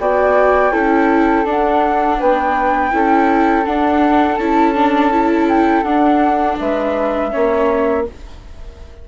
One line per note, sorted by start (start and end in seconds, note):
0.00 0.73 B3
0.00 0.72 F#4
0.00 0.73 D5
0.00 1.47 G5
0.72 1.45 C#4
0.72 1.45 E4
0.72 2.19 A4
1.45 2.18 D4
1.45 2.91 D4
1.45 2.21 F#5
2.19 2.93 B3
2.19 2.93 B4
2.19 3.66 G5
2.91 3.66 C#4
2.91 3.64 E4
2.91 6.61 A4
3.66 4.39 D4
3.66 4.38 D4
3.66 4.37 F#5
4.37 5.84 C#4
4.37 4.75 E4
4.37 5.46 A5
4.75 5.12 D4
5.12 5.85 E4
5.49 5.83 G5
5.83 6.57 D4
5.83 7.31 D4
5.83 6.57 F#5
6.60 7.34 G#3
6.60 7.32 B4
6.60 8.07 E5
7.32 8.09 A#3
7.32 8.05 C#4
7.32 8.06 C#5